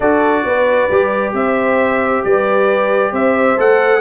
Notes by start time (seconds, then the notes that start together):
0.00 D4 F#4 A4 D5
0.44 B3 B4
0.90 G3 G4
1.33 C4 C5 E5
2.24 G3 B4 D5
3.12 C4 C5 E5
3.57 A3 A4 F#5